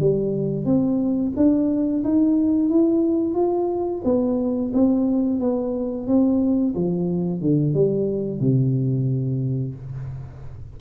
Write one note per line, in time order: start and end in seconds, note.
0.00 0.65 G3
0.65 1.32 C4
1.36 2.03 D4
2.04 2.69 D#4
2.69 3.34 E4
3.34 4.02 F4
4.04 4.72 B3
4.73 5.40 C4
5.40 6.07 B3
6.07 6.74 C4
6.74 7.41 F3
7.41 7.74 D3
7.74 8.40 G3
8.40 9.74 C3